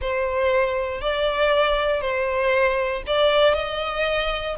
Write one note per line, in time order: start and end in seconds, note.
0.01 1.01 C5
1.01 2.01 D5
2.01 3.03 C5
3.06 3.53 D5
3.53 4.55 D#5